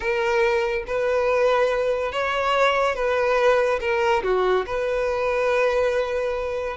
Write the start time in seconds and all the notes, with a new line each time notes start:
0.00 A#4
0.86 B4
2.11 C#5
2.95 B4
3.80 A#4
4.23 F#4
4.66 B4